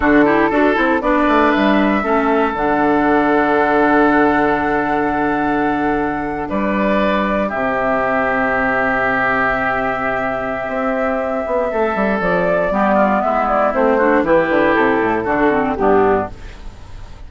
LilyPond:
<<
  \new Staff \with { instrumentName = "flute" } { \time 4/4 \tempo 4 = 118 a'2 d''4 e''4~ | e''4 fis''2.~ | fis''1~ | fis''8. d''2 e''4~ e''16~ |
e''1~ | e''1 | d''2 e''8 d''8 c''4 | b'4 a'2 g'4 | }
  \new Staff \with { instrumentName = "oboe" } { \time 4/4 fis'8 g'8 a'4 b'2 | a'1~ | a'1~ | a'8. b'2 g'4~ g'16~ |
g'1~ | g'2. a'4~ | a'4 g'8 f'8 e'4. fis'8 | g'2 fis'4 d'4 | }
  \new Staff \with { instrumentName = "clarinet" } { \time 4/4 d'8 e'8 fis'8 e'8 d'2 | cis'4 d'2.~ | d'1~ | d'2~ d'8. c'4~ c'16~ |
c'1~ | c'1~ | c'4 b2 c'8 d'8 | e'2 d'8 c'8 b4 | }
  \new Staff \with { instrumentName = "bassoon" } { \time 4/4 d4 d'8 c'8 b8 a8 g4 | a4 d2.~ | d1~ | d8. g2 c4~ c16~ |
c1~ | c4 c'4. b8 a8 g8 | f4 g4 gis4 a4 | e8 d8 c8 a,8 d4 g,4 | }
>>